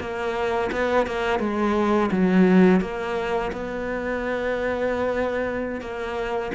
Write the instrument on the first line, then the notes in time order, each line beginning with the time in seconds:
cello
0.00 A#3
0.72 B3
1.07 A#3
1.39 G#3
2.11 F#3
2.81 A#3
3.52 B3
5.81 A#3